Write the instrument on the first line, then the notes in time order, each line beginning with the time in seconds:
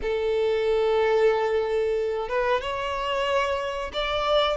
violin
0.01 A4
2.29 B4
2.61 C#5
3.93 D5